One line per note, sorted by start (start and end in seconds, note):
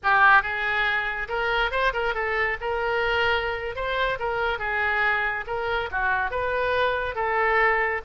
0.03 0.42 G4
0.42 1.28 G#4
1.28 1.71 A#4
1.71 1.92 C5
1.93 2.14 A#4
2.14 2.57 A4
2.60 3.75 A#4
3.75 4.18 C5
4.19 4.59 A#4
4.59 5.44 G#4
5.46 5.89 A#4
5.91 6.30 F#4
6.30 7.15 B4
7.15 8.01 A4